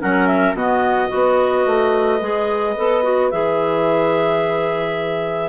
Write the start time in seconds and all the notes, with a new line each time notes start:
0.00 F#3 C#4 A#4 F#5
0.27 E5
0.53 B2 B3 F#4 D#5
1.09 B3 F#4 B4
1.66 A3
2.21 G#3 G#4
2.77 B3 A4
3.03 F#4
3.31 E3 G#4 E5